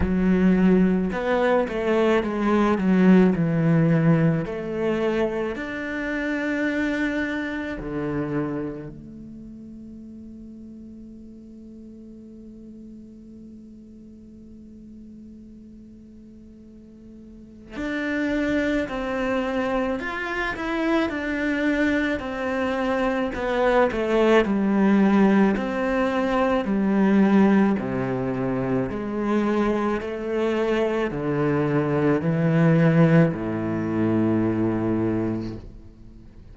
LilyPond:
\new Staff \with { instrumentName = "cello" } { \time 4/4 \tempo 4 = 54 fis4 b8 a8 gis8 fis8 e4 | a4 d'2 d4 | a1~ | a1 |
d'4 c'4 f'8 e'8 d'4 | c'4 b8 a8 g4 c'4 | g4 c4 gis4 a4 | d4 e4 a,2 | }